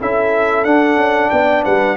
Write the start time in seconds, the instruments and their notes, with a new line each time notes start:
0.00 tuba C#4, trombone E4, horn A4, trumpet E5
0.64 tuba D4, trombone D4, trumpet F#5
0.96 tuba C#4
1.30 tuba B3, horn D5, trumpet G5
1.64 tuba G3, horn B4, trumpet F#5